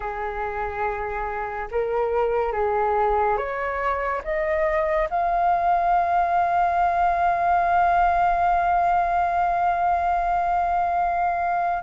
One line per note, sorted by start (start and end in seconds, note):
0.00 1.67 G#4
1.71 2.52 A#4
2.52 3.36 G#4
3.37 4.21 C#5
4.24 5.08 D#5
5.10 11.83 F5